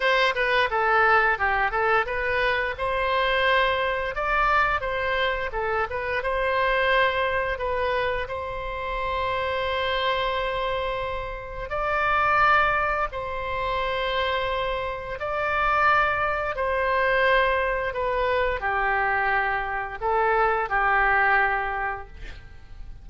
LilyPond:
\new Staff \with { instrumentName = "oboe" } { \time 4/4 \tempo 4 = 87 c''8 b'8 a'4 g'8 a'8 b'4 | c''2 d''4 c''4 | a'8 b'8 c''2 b'4 | c''1~ |
c''4 d''2 c''4~ | c''2 d''2 | c''2 b'4 g'4~ | g'4 a'4 g'2 | }